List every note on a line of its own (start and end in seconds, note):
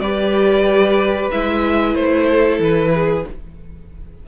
0.00 1.29 G3
0.00 1.31 G4
0.00 2.26 B4
0.00 1.29 D5
1.31 1.95 G#3
1.31 3.25 E4
1.31 1.95 E5
1.95 2.59 A3
1.95 2.59 C5
2.26 2.91 A4
2.59 3.24 E3
2.59 3.28 B4
2.94 3.26 G#4